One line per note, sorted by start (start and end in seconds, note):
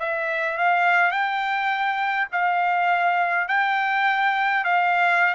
0.00 0.58 E5
0.58 1.12 F5
1.12 2.28 G5
2.32 3.49 F5
3.49 4.65 G5
4.65 5.35 F5